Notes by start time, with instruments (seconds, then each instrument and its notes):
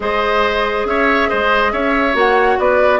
0.00 bassoon G#3, clarinet G#4, oboe C5, flute D#5
0.85 bassoon C#4, oboe C#5, flute E5
1.28 bassoon G#3, oboe C5, flute D#5
1.72 bassoon C#4, oboe C#5, flute E5
2.13 bassoon A#3, clarinet F#4, flute F#5
2.58 bassoon B3, oboe B4, flute D5